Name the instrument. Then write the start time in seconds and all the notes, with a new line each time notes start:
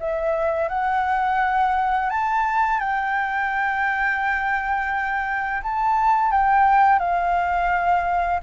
flute
0.00 E5
0.69 F#5
2.10 A5
2.80 G5
5.63 A5
6.32 G5
6.99 F5